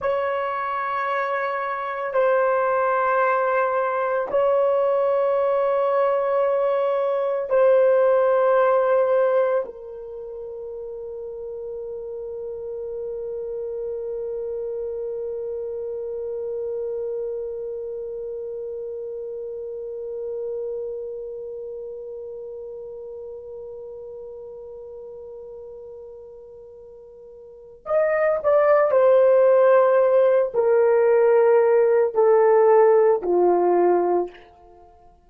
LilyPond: \new Staff \with { instrumentName = "horn" } { \time 4/4 \tempo 4 = 56 cis''2 c''2 | cis''2. c''4~ | c''4 ais'2.~ | ais'1~ |
ais'1~ | ais'1~ | ais'2 dis''8 d''8 c''4~ | c''8 ais'4. a'4 f'4 | }